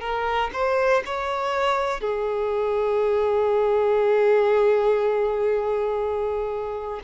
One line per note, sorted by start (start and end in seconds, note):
0.00 0.50 A#4
0.53 1.03 C5
1.05 2.00 C#5
2.00 7.00 G#4